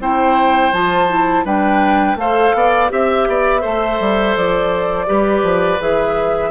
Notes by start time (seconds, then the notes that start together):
0.00 C4 E4 C5 G5
0.73 F3 F4 A5
1.09 E4
1.45 G3 D4 B4 G5
2.15 A3 A4 C5 F5
2.54 B3 D5
2.89 C4 G4 E5
3.28 B3 D5
3.61 A3 A4 C5
4.00 G3
4.36 F3 D5
5.07 G3 G4 B4
5.43 F3
5.80 E3 G#4 E5